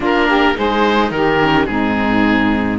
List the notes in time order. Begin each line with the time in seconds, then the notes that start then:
0.00 A#3 D4 F4 A#4
0.27 G4
0.55 G#3 D#4 G#4 C5
1.10 D#3 G4 A#4
1.41 C#4
1.66 G#2 C4 D#4 G#4